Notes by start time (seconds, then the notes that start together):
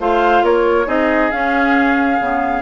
0.00 A3 F4 C5 F5
0.43 A#3 A#4 C#5
0.87 C4 D#4 G#4 D#5
1.31 C#4 F5
2.20 C#3 B3